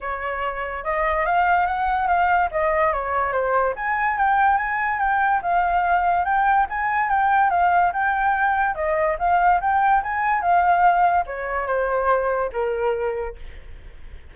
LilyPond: \new Staff \with { instrumentName = "flute" } { \time 4/4 \tempo 4 = 144 cis''2 dis''4 f''4 | fis''4 f''4 dis''4 cis''4 | c''4 gis''4 g''4 gis''4 | g''4 f''2 g''4 |
gis''4 g''4 f''4 g''4~ | g''4 dis''4 f''4 g''4 | gis''4 f''2 cis''4 | c''2 ais'2 | }